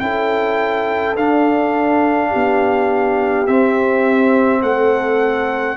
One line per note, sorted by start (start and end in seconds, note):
0.00 1.16 C#4
0.00 1.16 E4
0.00 2.31 A4
0.00 1.15 G5
1.16 2.32 D4
1.16 3.47 D4
1.16 3.47 F5
2.31 3.48 B3
2.31 4.61 G4
3.47 4.62 C4
3.47 5.77 C4
3.47 4.62 E5
4.62 5.77 A3
4.62 5.77 A4
4.62 5.77 F#5